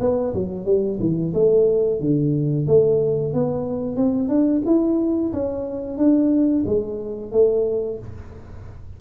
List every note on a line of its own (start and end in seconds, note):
0.00 0.33 B3
0.34 0.65 F#3
0.65 0.98 G3
0.99 1.33 E3
1.34 2.00 A3
2.00 2.67 D3
2.67 3.33 A3
3.33 3.96 B3
3.96 4.28 C4
4.28 4.62 D4
4.65 5.32 E4
5.33 5.97 C#4
5.97 6.64 D4
6.66 7.32 G#3
7.32 7.98 A3